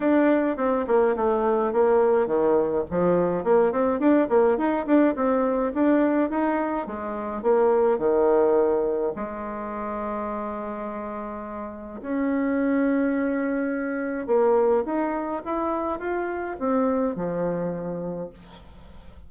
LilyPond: \new Staff \with { instrumentName = "bassoon" } { \time 4/4 \tempo 4 = 105 d'4 c'8 ais8 a4 ais4 | dis4 f4 ais8 c'8 d'8 ais8 | dis'8 d'8 c'4 d'4 dis'4 | gis4 ais4 dis2 |
gis1~ | gis4 cis'2.~ | cis'4 ais4 dis'4 e'4 | f'4 c'4 f2 | }